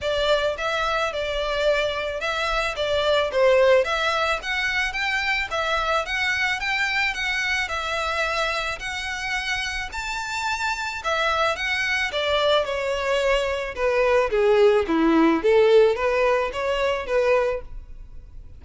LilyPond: \new Staff \with { instrumentName = "violin" } { \time 4/4 \tempo 4 = 109 d''4 e''4 d''2 | e''4 d''4 c''4 e''4 | fis''4 g''4 e''4 fis''4 | g''4 fis''4 e''2 |
fis''2 a''2 | e''4 fis''4 d''4 cis''4~ | cis''4 b'4 gis'4 e'4 | a'4 b'4 cis''4 b'4 | }